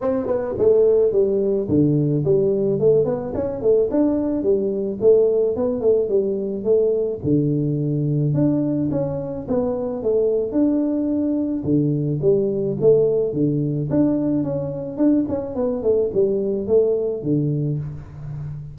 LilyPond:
\new Staff \with { instrumentName = "tuba" } { \time 4/4 \tempo 4 = 108 c'8 b8 a4 g4 d4 | g4 a8 b8 cis'8 a8 d'4 | g4 a4 b8 a8 g4 | a4 d2 d'4 |
cis'4 b4 a4 d'4~ | d'4 d4 g4 a4 | d4 d'4 cis'4 d'8 cis'8 | b8 a8 g4 a4 d4 | }